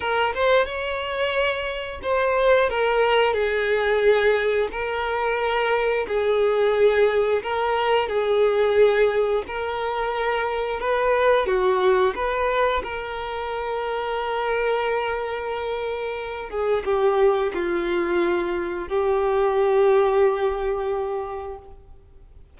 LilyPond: \new Staff \with { instrumentName = "violin" } { \time 4/4 \tempo 4 = 89 ais'8 c''8 cis''2 c''4 | ais'4 gis'2 ais'4~ | ais'4 gis'2 ais'4 | gis'2 ais'2 |
b'4 fis'4 b'4 ais'4~ | ais'1~ | ais'8 gis'8 g'4 f'2 | g'1 | }